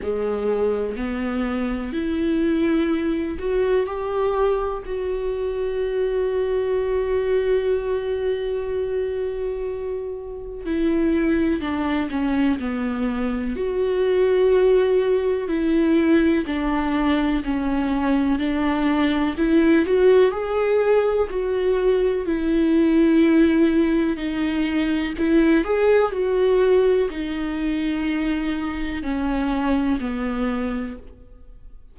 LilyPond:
\new Staff \with { instrumentName = "viola" } { \time 4/4 \tempo 4 = 62 gis4 b4 e'4. fis'8 | g'4 fis'2.~ | fis'2. e'4 | d'8 cis'8 b4 fis'2 |
e'4 d'4 cis'4 d'4 | e'8 fis'8 gis'4 fis'4 e'4~ | e'4 dis'4 e'8 gis'8 fis'4 | dis'2 cis'4 b4 | }